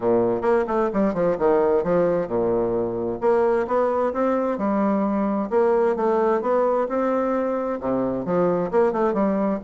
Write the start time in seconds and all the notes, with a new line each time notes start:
0.00 A#2
0.41 A#3
0.67 A3
0.93 G3
1.14 F3
1.38 D#3
1.83 F3
2.27 A#2
3.20 A#3
3.67 B3
4.13 C4
4.58 G3
5.50 A#3
5.96 A3
6.41 B3
6.88 C4
7.80 C3
8.25 F3
8.71 A#3
8.92 A3
9.13 G3